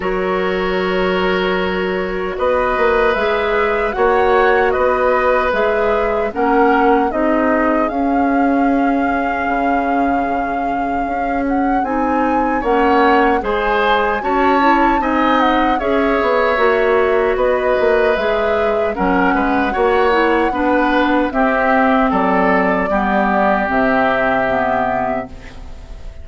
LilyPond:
<<
  \new Staff \with { instrumentName = "flute" } { \time 4/4 \tempo 4 = 76 cis''2. dis''4 | e''4 fis''4 dis''4 e''4 | fis''4 dis''4 f''2~ | f''2~ f''8 fis''8 gis''4 |
fis''4 gis''4 a''4 gis''8 fis''8 | e''2 dis''4 e''4 | fis''2. e''4 | d''2 e''2 | }
  \new Staff \with { instrumentName = "oboe" } { \time 4/4 ais'2. b'4~ | b'4 cis''4 b'2 | ais'4 gis'2.~ | gis'1 |
cis''4 c''4 cis''4 dis''4 | cis''2 b'2 | ais'8 b'8 cis''4 b'4 g'4 | a'4 g'2. | }
  \new Staff \with { instrumentName = "clarinet" } { \time 4/4 fis'1 | gis'4 fis'2 gis'4 | cis'4 dis'4 cis'2~ | cis'2. dis'4 |
cis'4 gis'4 fis'8 e'8 dis'4 | gis'4 fis'2 gis'4 | cis'4 fis'8 e'8 d'4 c'4~ | c'4 b4 c'4 b4 | }
  \new Staff \with { instrumentName = "bassoon" } { \time 4/4 fis2. b8 ais8 | gis4 ais4 b4 gis4 | ais4 c'4 cis'2 | cis2 cis'4 c'4 |
ais4 gis4 cis'4 c'4 | cis'8 b8 ais4 b8 ais8 gis4 | fis8 gis8 ais4 b4 c'4 | fis4 g4 c2 | }
>>